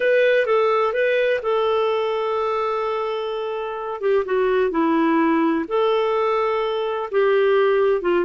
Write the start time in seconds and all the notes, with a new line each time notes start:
0.00 B4
0.46 A4
0.93 B4
1.42 A4
4.01 G4
4.25 F#4
4.70 E4
5.68 A4
7.11 G4
8.01 F4